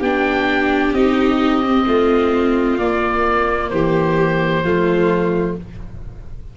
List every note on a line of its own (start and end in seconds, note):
0.00 0.93 B3
0.00 0.96 D4
0.00 1.85 G4
0.00 0.94 G5
0.94 1.86 C4
0.94 1.63 D#4
0.94 2.79 D#5
1.63 2.79 C4
1.87 2.79 A3
1.87 3.72 F4
2.79 3.71 A#3
2.79 4.65 A#3
2.79 3.70 D5
3.70 4.64 E3
3.70 4.64 G4
3.70 5.55 C5
4.64 5.56 F3
4.64 5.58 A3
4.64 5.56 F4